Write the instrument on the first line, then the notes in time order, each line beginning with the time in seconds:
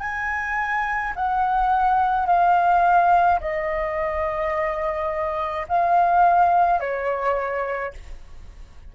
flute
0.00 G#5
1.15 F#5
2.26 F5
3.40 D#5
5.69 F5
6.80 C#5